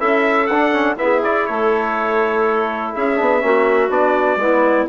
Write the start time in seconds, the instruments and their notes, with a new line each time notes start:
0.00 bassoon C#4, trombone E4, clarinet A4, trumpet E5
0.47 bassoon D4, trumpet F#5
0.53 trombone D4
0.73 trombone C#4
0.97 trombone B3, bassoon E4, clarinet G#4, trumpet E5
1.24 trombone E4, trumpet D5
1.47 bassoon A3, clarinet A4, trumpet C#5
2.95 bassoon C#4, clarinet G#4, trumpet E5
3.17 bassoon B3, trombone D4
3.41 bassoon A#3, trombone C#4, clarinet F#4
3.90 bassoon B3, trombone D4, trumpet D5
4.37 bassoon G#3, trombone B3, clarinet E4